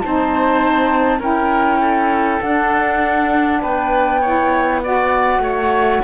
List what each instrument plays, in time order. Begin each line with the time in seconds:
0.00 cello C4, saxophone D#4, oboe C5, flute A5
1.19 cello C#4, saxophone E4, oboe A#4, flute G5
1.80 oboe A4
2.41 cello D4, saxophone D4, flute F#5
3.62 cello B3, oboe B4, flute G5
4.21 saxophone E4, oboe C#5
4.83 saxophone F#4, oboe D5, flute F#5
5.39 cello A3, oboe C#5